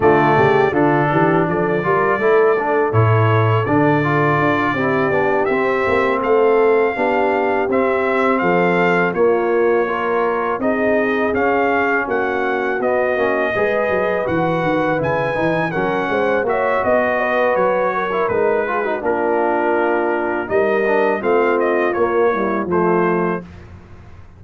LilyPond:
<<
  \new Staff \with { instrumentName = "trumpet" } { \time 4/4 \tempo 4 = 82 d''4 a'4 d''2 | cis''4 d''2~ d''8 e''8~ | e''8 f''2 e''4 f''8~ | f''8 cis''2 dis''4 f''8~ |
f''8 fis''4 dis''2 fis''8~ | fis''8 gis''4 fis''4 e''8 dis''4 | cis''4 b'4 ais'2 | dis''4 f''8 dis''8 cis''4 c''4 | }
  \new Staff \with { instrumentName = "horn" } { \time 4/4 f'8 g'8 f'8 g'8 a'8 ais'8 a'4~ | a'2~ a'8 g'4.~ | g'8 a'4 g'2 a'8~ | a'8 f'4 ais'4 gis'4.~ |
gis'8 fis'2 b'4.~ | b'4. ais'8 c''8 cis''8 dis''8 b'8~ | b'8 ais'4 gis'16 fis'16 f'2 | ais'4 f'4. e'8 f'4 | }
  \new Staff \with { instrumentName = "trombone" } { \time 4/4 a4 d'4. f'8 e'8 d'8 | e'4 d'8 f'4 e'8 d'8 c'8~ | c'4. d'4 c'4.~ | c'8 ais4 f'4 dis'4 cis'8~ |
cis'4. b8 cis'8 gis'4 fis'8~ | fis'8 e'8 dis'8 cis'4 fis'4.~ | fis'8. e'16 dis'8 f'16 dis'16 d'2 | dis'8 d'8 c'4 ais8 g8 a4 | }
  \new Staff \with { instrumentName = "tuba" } { \time 4/4 d8 cis8 d8 e8 f8 g8 a4 | a,4 d4 d'8 c'8 b8 c'8 | ais8 a4 b4 c'4 f8~ | f8 ais2 c'4 cis'8~ |
cis'8 ais4 b8 ais8 gis8 fis8 e8 | dis8 cis8 e8 fis8 gis8 ais8 b4 | fis4 gis4 ais2 | g4 a4 ais4 f4 | }
>>